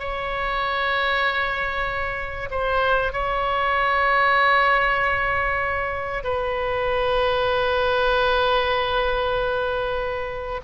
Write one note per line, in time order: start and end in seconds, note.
0.00 2.50 C#5
2.51 3.13 C5
3.13 6.24 C#5
6.24 10.62 B4